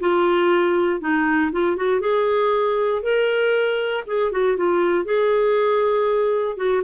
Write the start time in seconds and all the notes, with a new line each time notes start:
0.00 F4
1.01 D#4
1.52 F4
1.77 F#4
2.01 G#4
3.03 A#4
4.07 G#4
4.32 F#4
4.57 F4
5.05 G#4
6.57 F#4